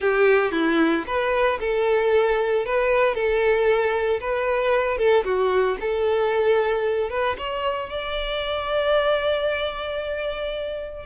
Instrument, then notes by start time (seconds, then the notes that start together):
violin
0.00 G4
0.51 E4
1.06 B4
1.60 A4
2.65 B4
3.14 A4
4.20 B4
4.97 A4
5.24 F#4
5.80 A4
7.10 B4
7.38 C#5
7.89 D5